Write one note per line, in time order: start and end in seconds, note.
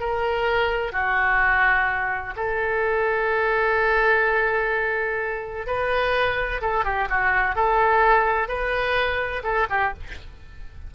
0.00 0.92 A#4
0.92 2.34 F#4
2.36 5.67 A4
5.67 6.61 B4
6.61 6.85 A4
6.85 7.08 G4
7.10 7.55 F#4
7.55 8.48 A4
8.48 9.43 B4
9.44 9.67 A4
9.70 9.93 G4